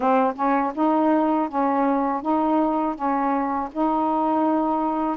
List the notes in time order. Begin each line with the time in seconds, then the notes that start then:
0.00 C4
0.35 C#4
0.74 D#4
1.48 C#4
2.22 D#4
2.95 C#4
3.71 D#4